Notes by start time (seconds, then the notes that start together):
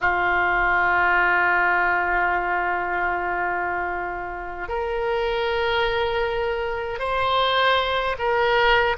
0.00 F4
4.68 A#4
6.99 C5
8.18 A#4